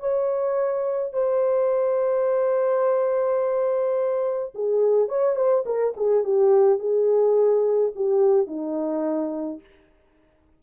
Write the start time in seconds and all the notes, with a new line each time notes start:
0.00 C#5
1.13 C5
4.55 G#4
5.09 C#5
5.36 C5
5.66 A#4
5.97 G#4
6.24 G4
6.80 G#4
7.96 G4
8.47 D#4